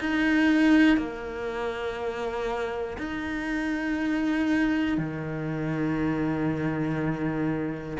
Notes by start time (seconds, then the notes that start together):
0.00 D#4
0.98 A#3
2.99 D#4
4.98 D#3